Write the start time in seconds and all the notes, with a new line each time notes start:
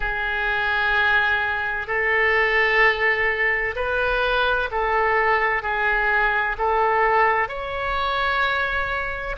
0.00 G#4
1.87 A4
3.75 B4
4.71 A4
5.62 G#4
6.58 A4
7.48 C#5